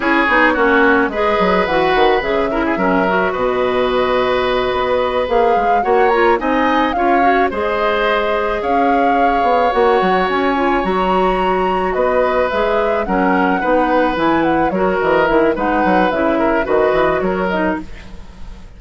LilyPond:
<<
  \new Staff \with { instrumentName = "flute" } { \time 4/4 \tempo 4 = 108 cis''2 dis''4 fis''4 | e''2 dis''2~ | dis''4. f''4 fis''8 ais''8 gis''8~ | gis''8 f''4 dis''2 f''8~ |
f''4. fis''4 gis''4 ais''8~ | ais''4. dis''4 e''4 fis''8~ | fis''4. gis''8 fis''8 cis''8 dis''8 e''8 | fis''4 e''4 dis''4 cis''8 dis''8 | }
  \new Staff \with { instrumentName = "oboe" } { \time 4/4 gis'4 fis'4 b'2~ | b'8 ais'16 gis'16 ais'4 b'2~ | b'2~ b'8 cis''4 dis''8~ | dis''8 cis''4 c''2 cis''8~ |
cis''1~ | cis''4. b'2 ais'8~ | ais'8 b'2 ais'4. | b'4. ais'8 b'4 ais'4 | }
  \new Staff \with { instrumentName = "clarinet" } { \time 4/4 e'8 dis'8 cis'4 gis'4 fis'4 | gis'8 e'8 cis'8 fis'2~ fis'8~ | fis'4. gis'4 fis'8 f'8 dis'8~ | dis'8 f'8 fis'8 gis'2~ gis'8~ |
gis'4. fis'4. f'8 fis'8~ | fis'2~ fis'8 gis'4 cis'8~ | cis'8 dis'4 e'4 fis'4 e'8 | dis'4 e'4 fis'4. dis'8 | }
  \new Staff \with { instrumentName = "bassoon" } { \time 4/4 cis'8 b8 ais4 gis8 fis8 e8 dis8 | cis4 fis4 b,2~ | b,8 b4 ais8 gis8 ais4 c'8~ | c'8 cis'4 gis2 cis'8~ |
cis'4 b8 ais8 fis8 cis'4 fis8~ | fis4. b4 gis4 fis8~ | fis8 b4 e4 fis8 e8 dis8 | gis8 fis8 cis4 dis8 e8 fis4 | }
>>